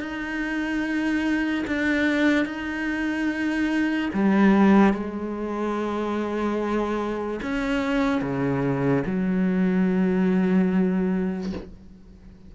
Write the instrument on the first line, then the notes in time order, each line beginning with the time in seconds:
cello
0.00 D#4
1.67 D4
2.45 D#4
4.13 G3
4.94 G#3
7.42 C#4
8.21 C#3
9.06 F#3